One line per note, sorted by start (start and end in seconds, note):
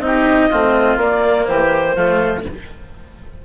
0.00 0.49 C4
0.00 0.51 D#4
0.00 0.98 D#5
0.06 0.50 G4
0.50 0.97 A3
0.50 1.00 C4
0.50 1.47 F4
0.97 1.46 A#3
0.97 1.97 A#3
0.97 1.45 D5
1.45 1.96 E3
1.45 1.96 G4
1.45 2.43 C5
1.96 2.45 F3
1.96 2.46 A3
1.96 2.45 F4